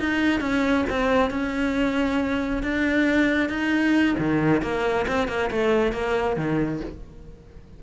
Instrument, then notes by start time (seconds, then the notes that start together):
cello
0.00 D#4
0.41 C#4
0.90 C4
1.31 C#4
2.63 D4
3.50 D#4
4.19 D#3
4.62 A#3
5.08 C4
5.29 A#3
5.51 A3
5.93 A#3
6.37 D#3